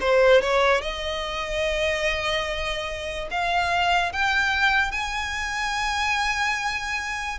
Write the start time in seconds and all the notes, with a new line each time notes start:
0.00 C5
0.41 C#5
0.81 D#5
3.30 F5
4.12 G5
4.91 G#5